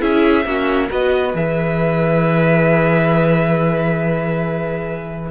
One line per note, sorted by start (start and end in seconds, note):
0.00 0.45 C#4
0.00 0.44 E4
0.00 0.46 G#4
0.00 0.89 E5
0.45 0.90 A#3
0.45 0.90 C#4
0.45 0.89 F#4
0.89 1.34 B3
0.89 1.34 F#4
0.89 5.30 B4
0.89 1.36 D#5
1.34 5.31 E3
1.34 5.31 G#4
1.34 5.31 E5